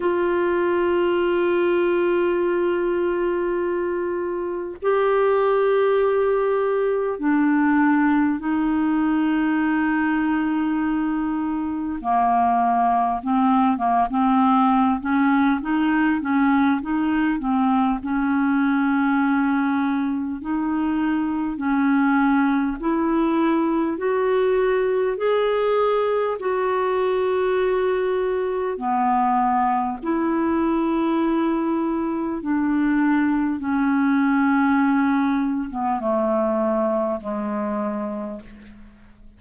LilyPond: \new Staff \with { instrumentName = "clarinet" } { \time 4/4 \tempo 4 = 50 f'1 | g'2 d'4 dis'4~ | dis'2 ais4 c'8 ais16 c'16~ | c'8 cis'8 dis'8 cis'8 dis'8 c'8 cis'4~ |
cis'4 dis'4 cis'4 e'4 | fis'4 gis'4 fis'2 | b4 e'2 d'4 | cis'4.~ cis'16 b16 a4 gis4 | }